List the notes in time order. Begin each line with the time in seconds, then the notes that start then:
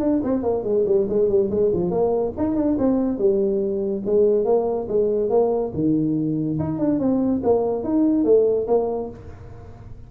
0.00 D4
0.24 C4
0.43 A#3
0.64 G#3
0.86 G3
1.09 G#3
1.29 G3
1.51 G#3
1.73 F3
1.91 A#3
2.37 D#4
2.56 D4
2.78 C4
3.18 G3
4.06 G#3
4.45 A#3
4.89 G#3
5.30 A#3
5.74 D#3
6.59 D#4
6.79 D4
6.99 C4
7.44 A#3
7.84 D#4
8.25 A3
8.67 A#3